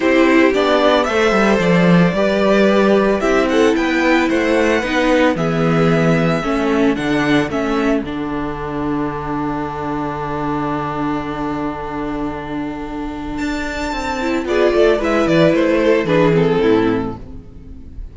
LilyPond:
<<
  \new Staff \with { instrumentName = "violin" } { \time 4/4 \tempo 4 = 112 c''4 d''4 e''4 d''4~ | d''2 e''8 fis''8 g''4 | fis''2 e''2~ | e''4 fis''4 e''4 fis''4~ |
fis''1~ | fis''1~ | fis''4 a''2 d''4 | e''8 d''8 c''4 b'8 a'4. | }
  \new Staff \with { instrumentName = "violin" } { \time 4/4 g'2 c''2 | b'2 g'8 a'8 b'4 | c''4 b'4 gis'2 | a'1~ |
a'1~ | a'1~ | a'2. gis'8 a'8 | b'4. a'8 gis'4 e'4 | }
  \new Staff \with { instrumentName = "viola" } { \time 4/4 e'4 d'4 a'2 | g'2 e'2~ | e'4 dis'4 b2 | cis'4 d'4 cis'4 d'4~ |
d'1~ | d'1~ | d'2~ d'8 e'8 f'4 | e'2 d'8 c'4. | }
  \new Staff \with { instrumentName = "cello" } { \time 4/4 c'4 b4 a8 g8 f4 | g2 c'4 b4 | a4 b4 e2 | a4 d4 a4 d4~ |
d1~ | d1~ | d4 d'4 c'4 b8 a8 | gis8 e8 a4 e4 a,4 | }
>>